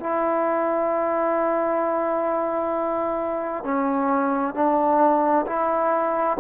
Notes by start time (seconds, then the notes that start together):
0.00 E4
3.64 C#4
4.55 D4
5.46 E4